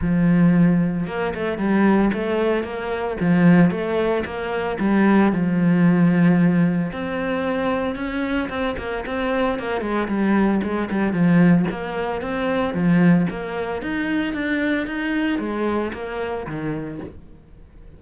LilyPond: \new Staff \with { instrumentName = "cello" } { \time 4/4 \tempo 4 = 113 f2 ais8 a8 g4 | a4 ais4 f4 a4 | ais4 g4 f2~ | f4 c'2 cis'4 |
c'8 ais8 c'4 ais8 gis8 g4 | gis8 g8 f4 ais4 c'4 | f4 ais4 dis'4 d'4 | dis'4 gis4 ais4 dis4 | }